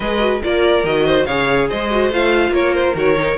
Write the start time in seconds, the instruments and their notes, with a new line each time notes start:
0.00 cello G#3, viola G#4, violin B4 D#5
0.19 viola F#4
0.43 cello A#3, viola F4, violin A#4 D5
0.83 cello D#3, viola F#4, violin D#5
1.06 violin C5
1.25 cello C#3, viola G#4, violin C#5 F5
1.68 cello G#3, violin C5 D#5
1.90 viola F#4
2.09 cello A3, viola F4, violin F5
2.50 cello A#3, violin A#4 C#5
2.74 violin C5
2.94 cello D#3, viola F#4, violin C#5
3.15 viola D#4